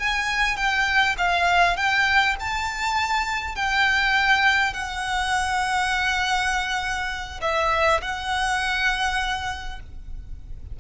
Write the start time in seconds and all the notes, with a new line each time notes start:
0.00 G#5
0.57 G5
1.18 F5
1.77 G5
2.40 A5
3.56 G5
4.74 F#5
7.42 E5
8.02 F#5